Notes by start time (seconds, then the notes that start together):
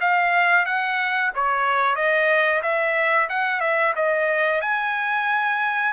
0.00 F5
0.65 F#5
1.34 C#5
1.95 D#5
2.62 E5
3.29 F#5
3.60 E5
3.95 D#5
4.61 G#5